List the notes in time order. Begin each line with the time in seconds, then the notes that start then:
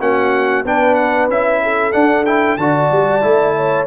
0.00 A#3 C#4 F#4 F#5
0.65 B3 D4 B4 G5
0.95 F#5
1.29 C#4 E4 E5
1.63 A4
1.93 D4 F#5
2.26 E4 G5
2.58 D3 F#4 D5 A5
2.92 G3
3.22 A3 E4
3.57 C#5